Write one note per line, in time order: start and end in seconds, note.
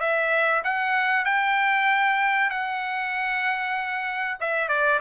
0.00 0.62 E5
0.64 1.25 F#5
1.25 2.50 G5
2.50 4.38 F#5
4.40 4.68 E5
4.68 5.00 D5